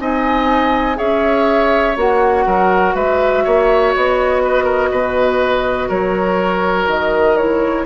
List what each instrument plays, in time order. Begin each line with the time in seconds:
0.00 bassoon C4, clarinet D#4, oboe D#5, flute G#5
0.96 bassoon C#4, clarinet G#4, oboe C#5, flute E5
1.97 bassoon A#3, clarinet F#4, flute F#5
2.46 bassoon F#3, oboe A#4
2.95 bassoon G#3, oboe B4, flute E5
3.44 bassoon A#3, oboe C#5
3.95 bassoon B3, flute D#5
4.44 oboe B4
4.64 oboe A#4
4.92 bassoon B2, oboe B4
5.89 bassoon F#3, oboe A#4, flute C#5
6.87 bassoon D#3, flute D#5
7.37 clarinet E4, flute C#5